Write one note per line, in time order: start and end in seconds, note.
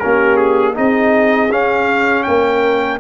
0.00 0.78 A#3
0.00 0.74 C#4
0.00 0.75 G4
0.00 0.36 A#4
0.36 0.74 G#4
0.74 1.52 C4
0.74 1.49 D#4
0.74 2.25 G#4
0.74 1.52 D#5
1.51 3.00 C#4
1.51 2.27 C#4
1.51 2.23 F5
2.23 3.00 A#3
2.23 3.00 A#4
2.23 2.98 G5